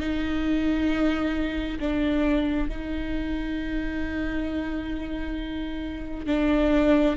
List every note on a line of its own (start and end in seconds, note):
0.00 1.79 D#4
1.80 2.69 D4
2.69 6.27 D#4
6.27 7.16 D4